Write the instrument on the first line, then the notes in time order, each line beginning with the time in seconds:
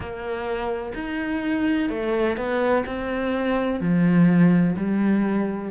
cello
0.00 A#3
0.94 D#4
1.89 A3
2.36 B3
2.86 C4
3.80 F3
4.76 G3